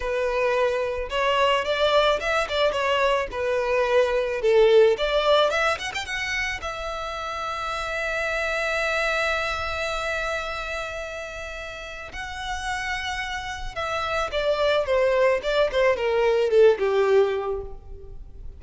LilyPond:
\new Staff \with { instrumentName = "violin" } { \time 4/4 \tempo 4 = 109 b'2 cis''4 d''4 | e''8 d''8 cis''4 b'2 | a'4 d''4 e''8 fis''16 g''16 fis''4 | e''1~ |
e''1~ | e''2 fis''2~ | fis''4 e''4 d''4 c''4 | d''8 c''8 ais'4 a'8 g'4. | }